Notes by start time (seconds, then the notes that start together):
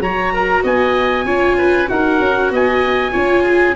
0.00 F#3 F#4 C#5 A#5
0.34 A#4
0.63 B3 D#5 G#5
1.25 C#4 F4 C#5
1.58 B4
1.86 D#4 F#4 A#4 F#5
2.20 C#4
2.51 B3 D#5 G#5
3.12 C#4 F4 C#5
3.44 G#4